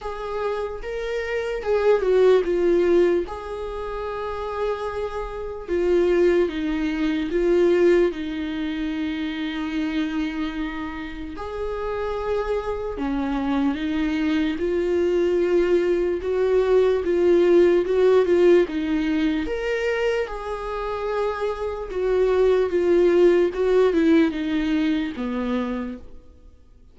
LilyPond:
\new Staff \with { instrumentName = "viola" } { \time 4/4 \tempo 4 = 74 gis'4 ais'4 gis'8 fis'8 f'4 | gis'2. f'4 | dis'4 f'4 dis'2~ | dis'2 gis'2 |
cis'4 dis'4 f'2 | fis'4 f'4 fis'8 f'8 dis'4 | ais'4 gis'2 fis'4 | f'4 fis'8 e'8 dis'4 b4 | }